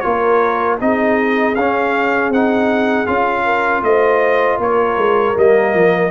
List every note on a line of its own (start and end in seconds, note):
0.00 0.81 A#3
0.00 0.79 F4
0.00 0.81 A#4
0.00 0.76 C#5
0.80 1.56 C4
0.80 1.56 D#4
0.80 3.45 G#4
0.80 1.55 D#5
1.55 2.29 C#4
1.55 2.34 C#4
1.55 2.31 F5
2.29 3.05 C4
2.29 3.06 D#4
2.29 3.07 F#5
3.06 3.82 C#4
3.06 5.34 F4
3.06 3.83 F5
3.45 3.83 A#4
3.82 4.58 A3
3.82 4.59 C5
3.82 4.59 D#5
4.58 4.96 A#3
4.58 6.11 A#4
4.58 5.38 C#5
4.97 5.35 G#3
5.34 5.74 G3
5.34 6.10 A#3
5.34 6.11 D#5
5.74 6.11 F3